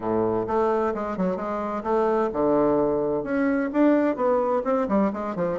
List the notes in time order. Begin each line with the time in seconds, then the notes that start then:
0.00 A2
0.47 A3
0.94 G#3
1.17 F#3
1.36 G#3
1.83 A3
2.33 D3
3.23 C#4
3.72 D4
4.15 B3
4.64 C4
4.88 G3
5.13 G#3
5.35 F3